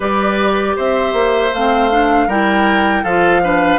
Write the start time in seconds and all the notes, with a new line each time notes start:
0.00 G3 G4 B4 D5
0.76 C4 C5 E5
1.13 A#3
1.53 A3 C4 F5
1.91 D4
2.27 G3 E4 A#4 G5
3.03 F3 F4 A4 F5
3.43 D4 B4